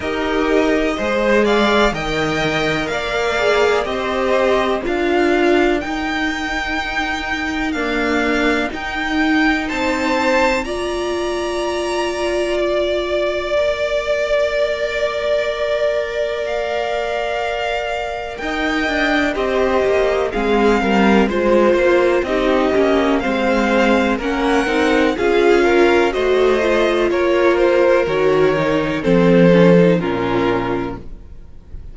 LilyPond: <<
  \new Staff \with { instrumentName = "violin" } { \time 4/4 \tempo 4 = 62 dis''4. f''8 g''4 f''4 | dis''4 f''4 g''2 | f''4 g''4 a''4 ais''4~ | ais''4 d''2.~ |
d''4 f''2 g''4 | dis''4 f''4 c''4 dis''4 | f''4 fis''4 f''4 dis''4 | cis''8 c''8 cis''4 c''4 ais'4 | }
  \new Staff \with { instrumentName = "violin" } { \time 4/4 ais'4 c''8 d''8 dis''4 d''4 | c''4 ais'2.~ | ais'2 c''4 d''4~ | d''1~ |
d''2. dis''4 | g'4 gis'8 ais'8 c''4 g'4 | c''4 ais'4 gis'8 ais'8 c''4 | ais'2 a'4 f'4 | }
  \new Staff \with { instrumentName = "viola" } { \time 4/4 g'4 gis'4 ais'4. gis'8 | g'4 f'4 dis'2 | ais4 dis'2 f'4~ | f'2 ais'2~ |
ais'1 | c''4 c'4 f'4 dis'8 cis'8 | c'4 cis'8 dis'8 f'4 fis'8 f'8~ | f'4 fis'8 dis'8 c'8 cis'16 dis'16 cis'4 | }
  \new Staff \with { instrumentName = "cello" } { \time 4/4 dis'4 gis4 dis4 ais4 | c'4 d'4 dis'2 | d'4 dis'4 c'4 ais4~ | ais1~ |
ais2. dis'8 d'8 | c'8 ais8 gis8 g8 gis8 ais8 c'8 ais8 | gis4 ais8 c'8 cis'4 a4 | ais4 dis4 f4 ais,4 | }
>>